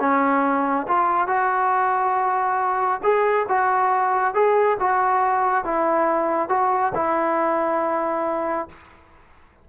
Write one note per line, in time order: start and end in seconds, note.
0.00 0.87 C#4
0.88 1.27 F4
1.27 3.01 F#4
3.03 3.47 G#4
3.49 4.34 F#4
4.34 4.78 G#4
4.80 5.65 F#4
5.65 6.49 E4
6.49 6.93 F#4
6.95 8.69 E4